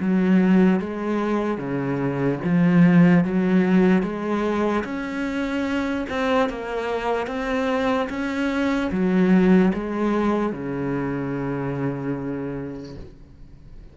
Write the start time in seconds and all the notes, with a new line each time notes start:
0.00 F#3
0.80 G#3
1.58 C#3
2.44 F3
3.24 F#3
4.03 G#3
4.85 C#4
6.10 C4
6.49 A#3
7.27 C4
8.10 C#4
8.92 F#3
9.74 G#3
10.53 C#3